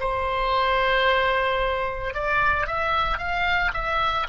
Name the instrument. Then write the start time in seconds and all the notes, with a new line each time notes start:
oboe
0.00 C5
2.14 D5
2.67 E5
3.18 F5
3.74 E5